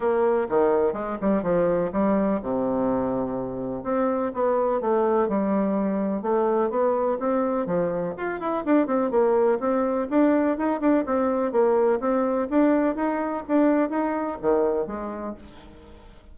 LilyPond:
\new Staff \with { instrumentName = "bassoon" } { \time 4/4 \tempo 4 = 125 ais4 dis4 gis8 g8 f4 | g4 c2. | c'4 b4 a4 g4~ | g4 a4 b4 c'4 |
f4 f'8 e'8 d'8 c'8 ais4 | c'4 d'4 dis'8 d'8 c'4 | ais4 c'4 d'4 dis'4 | d'4 dis'4 dis4 gis4 | }